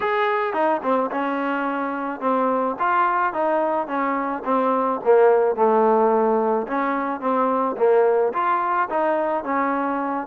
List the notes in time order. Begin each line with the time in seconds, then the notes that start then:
0.00 G#4
0.53 D#4
0.82 C4
1.11 C#4
2.20 C4
2.79 F4
3.33 D#4
3.87 C#4
4.44 C4
5.04 A#3
5.55 A3
6.67 C#4
7.20 C4
7.77 A#3
8.33 F4
8.89 D#4
9.44 C#4